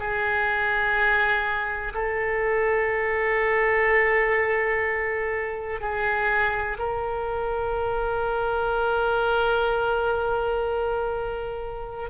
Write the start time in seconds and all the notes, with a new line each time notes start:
0.00 G#4
1.94 A4
5.81 G#4
6.79 A#4